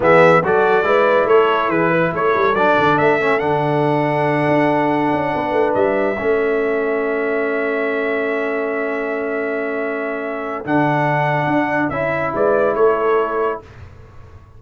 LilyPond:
<<
  \new Staff \with { instrumentName = "trumpet" } { \time 4/4 \tempo 4 = 141 e''4 d''2 cis''4 | b'4 cis''4 d''4 e''4 | fis''1~ | fis''4. e''2~ e''8~ |
e''1~ | e''1~ | e''4 fis''2. | e''4 d''4 cis''2 | }
  \new Staff \with { instrumentName = "horn" } { \time 4/4 gis'4 a'4 b'4 a'4 | gis'8 b'8 a'2.~ | a'1~ | a'8 b'2 a'4.~ |
a'1~ | a'1~ | a'1~ | a'4 b'4 a'2 | }
  \new Staff \with { instrumentName = "trombone" } { \time 4/4 b4 fis'4 e'2~ | e'2 d'4. cis'8 | d'1~ | d'2~ d'8 cis'4.~ |
cis'1~ | cis'1~ | cis'4 d'2. | e'1 | }
  \new Staff \with { instrumentName = "tuba" } { \time 4/4 e4 fis4 gis4 a4 | e4 a8 g8 fis8 d8 a4 | d2~ d8 d'4. | cis'8 b8 a8 g4 a4.~ |
a1~ | a1~ | a4 d2 d'4 | cis'4 gis4 a2 | }
>>